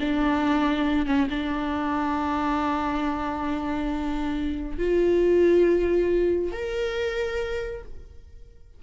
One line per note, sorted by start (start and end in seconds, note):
0.00 1.06 D4
1.06 1.28 C#4
1.30 4.78 D4
4.78 6.52 F4
6.52 7.82 A#4